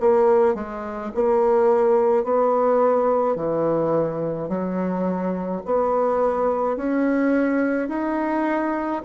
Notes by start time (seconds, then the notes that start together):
0.00 A#3
0.55 G#3
1.14 A#3
2.24 B3
3.36 E3
4.48 F#3
5.65 B3
6.76 C#4
7.88 D#4